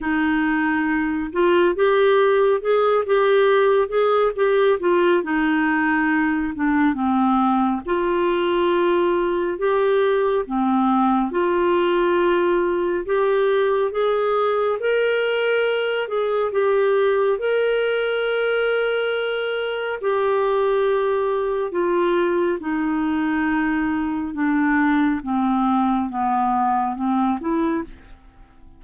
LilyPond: \new Staff \with { instrumentName = "clarinet" } { \time 4/4 \tempo 4 = 69 dis'4. f'8 g'4 gis'8 g'8~ | g'8 gis'8 g'8 f'8 dis'4. d'8 | c'4 f'2 g'4 | c'4 f'2 g'4 |
gis'4 ais'4. gis'8 g'4 | ais'2. g'4~ | g'4 f'4 dis'2 | d'4 c'4 b4 c'8 e'8 | }